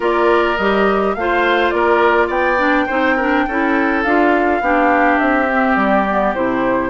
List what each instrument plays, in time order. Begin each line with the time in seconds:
0.00 bassoon A#3, clarinet F4, oboe A#4, flute D5
0.57 bassoon G3, clarinet G4, flute D#5
1.14 bassoon A3, clarinet F4, oboe C5, flute F5
1.69 bassoon A#3, oboe A#4, flute D5
2.27 bassoon B3, oboe D5, flute G5
2.57 clarinet D4
2.86 bassoon C4, clarinet D#4, oboe C5
3.16 clarinet D4, oboe A#4
3.47 bassoon C#4, clarinet E4, oboe A4
4.03 bassoon D4, clarinet F4, flute F5
4.60 bassoon B3, clarinet D4, oboe G4
5.18 bassoon C4, flute E5
5.48 clarinet C4
5.76 bassoon G3, flute D5
6.08 clarinet B3
6.34 bassoon C3, clarinet E4, flute C5